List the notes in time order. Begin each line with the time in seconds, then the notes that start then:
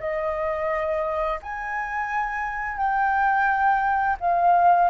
0.00 D#5
1.43 G#5
2.77 G5
4.20 F5